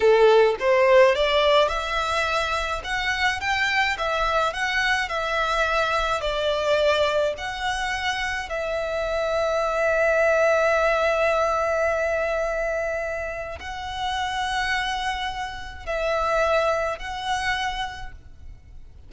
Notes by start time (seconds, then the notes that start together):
0.00 A4
0.59 C5
1.15 D5
1.68 E5
2.84 F#5
3.40 G5
3.98 E5
4.53 F#5
5.08 E5
6.21 D5
7.37 F#5
8.49 E5
13.59 F#5
15.85 E5
16.99 F#5